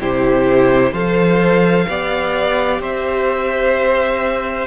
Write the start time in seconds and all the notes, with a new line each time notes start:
0.00 C3 E4 G4 C5
0.91 F3 A4 C5 F5
1.88 B3 G4 D5
2.79 C4 C5 E5